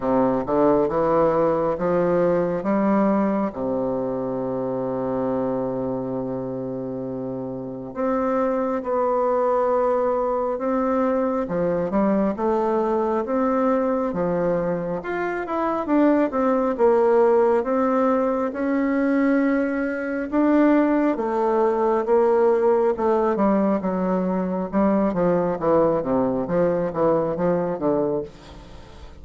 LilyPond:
\new Staff \with { instrumentName = "bassoon" } { \time 4/4 \tempo 4 = 68 c8 d8 e4 f4 g4 | c1~ | c4 c'4 b2 | c'4 f8 g8 a4 c'4 |
f4 f'8 e'8 d'8 c'8 ais4 | c'4 cis'2 d'4 | a4 ais4 a8 g8 fis4 | g8 f8 e8 c8 f8 e8 f8 d8 | }